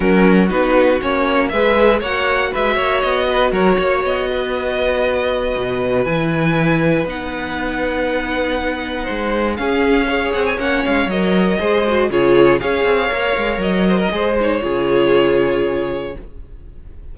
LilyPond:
<<
  \new Staff \with { instrumentName = "violin" } { \time 4/4 \tempo 4 = 119 ais'4 b'4 cis''4 e''4 | fis''4 e''4 dis''4 cis''4 | dis''1 | gis''2 fis''2~ |
fis''2. f''4~ | f''8 fis''16 gis''16 fis''8 f''8 dis''2 | cis''4 f''2 dis''4~ | dis''8 cis''2.~ cis''8 | }
  \new Staff \with { instrumentName = "violin" } { \time 4/4 fis'2. b'4 | cis''4 b'8 cis''4 b'8 ais'8 cis''8~ | cis''8 b'2.~ b'8~ | b'1~ |
b'2 c''4 gis'4 | cis''2. c''4 | gis'4 cis''2~ cis''8 c''16 ais'16 | c''4 gis'2. | }
  \new Staff \with { instrumentName = "viola" } { \time 4/4 cis'4 dis'4 cis'4 gis'4 | fis'1~ | fis'1 | e'2 dis'2~ |
dis'2. cis'4 | gis'4 cis'4 ais'4 gis'8 fis'8 | f'4 gis'4 ais'2 | gis'8 dis'8 f'2. | }
  \new Staff \with { instrumentName = "cello" } { \time 4/4 fis4 b4 ais4 gis4 | ais4 gis8 ais8 b4 fis8 ais8 | b2. b,4 | e2 b2~ |
b2 gis4 cis'4~ | cis'8 c'8 ais8 gis8 fis4 gis4 | cis4 cis'8 c'8 ais8 gis8 fis4 | gis4 cis2. | }
>>